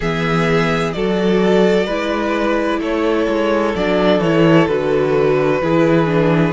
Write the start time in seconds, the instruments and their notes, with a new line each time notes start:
0.00 cello E3, viola B3, violin G#4 E5
0.92 cello F#3, viola F#4, violin A4 D5
1.86 cello G#3, viola E4, violin B4
2.80 cello A3, violin A4 C#5
3.28 cello G#3
3.75 cello F#3, viola D4, violin D5
4.19 cello E3, viola E4, violin C#5
4.67 cello D3, viola F#4, violin B4
5.61 cello E3, viola E4, violin G#4
6.06 viola D4